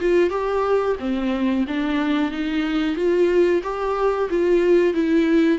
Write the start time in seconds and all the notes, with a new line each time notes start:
0.00 F4
0.30 G4
1.00 C4
1.68 D4
2.32 D#4
2.96 F4
3.63 G4
4.30 F4
4.94 E4